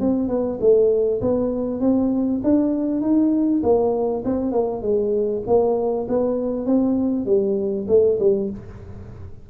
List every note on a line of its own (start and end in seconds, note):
0.00 0.29 C4
0.29 0.59 B3
0.60 1.21 A3
1.21 1.81 B3
1.81 2.41 C4
2.44 3.01 D4
3.01 3.62 D#4
3.63 4.24 A#3
4.25 4.52 C4
4.52 4.82 A#3
4.82 5.43 G#3
5.47 6.07 A#3
6.09 6.66 B3
6.66 7.26 C4
7.26 7.87 G3
7.88 8.18 A3
8.20 8.50 G3